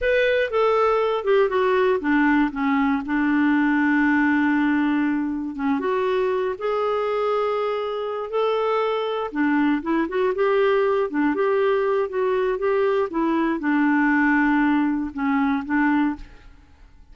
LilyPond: \new Staff \with { instrumentName = "clarinet" } { \time 4/4 \tempo 4 = 119 b'4 a'4. g'8 fis'4 | d'4 cis'4 d'2~ | d'2. cis'8 fis'8~ | fis'4 gis'2.~ |
gis'8 a'2 d'4 e'8 | fis'8 g'4. d'8 g'4. | fis'4 g'4 e'4 d'4~ | d'2 cis'4 d'4 | }